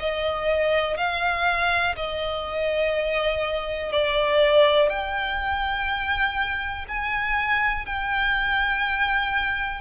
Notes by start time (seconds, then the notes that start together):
0.00 D#5
0.97 F5
1.96 D#5
3.93 D5
4.90 G5
6.89 G#5
7.86 G5